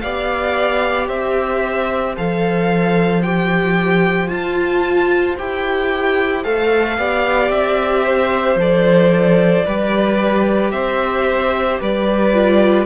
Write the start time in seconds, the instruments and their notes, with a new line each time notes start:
0.00 cello B3, viola G4, violin D5 F5
1.08 cello C4, violin C5 E5
2.16 cello F3, viola A4, violin F5
3.22 viola G4, violin G5
4.28 viola F4, cello F4, violin A5
5.38 cello E4, viola G4, violin G5
6.43 cello A3, viola A4, violin F5
6.97 cello B3, viola G4, violin D5
7.49 cello C4, violin E5
8.05 violin C5
8.55 cello F3, viola A4, violin D5
9.65 cello G3, viola G4, violin B4
10.71 cello C4, violin C5 E5
11.80 cello G3, violin B4 D5
12.33 viola F4